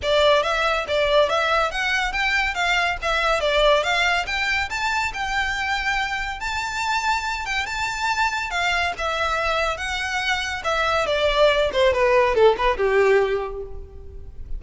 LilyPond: \new Staff \with { instrumentName = "violin" } { \time 4/4 \tempo 4 = 141 d''4 e''4 d''4 e''4 | fis''4 g''4 f''4 e''4 | d''4 f''4 g''4 a''4 | g''2. a''4~ |
a''4. g''8 a''2 | f''4 e''2 fis''4~ | fis''4 e''4 d''4. c''8 | b'4 a'8 b'8 g'2 | }